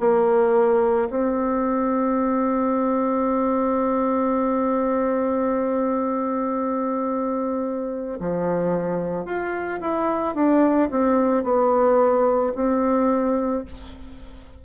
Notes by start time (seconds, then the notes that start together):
0.00 A#3
1.11 C4
8.20 F3
9.25 F4
9.81 E4
10.35 D4
10.91 C4
11.44 B3
12.56 C4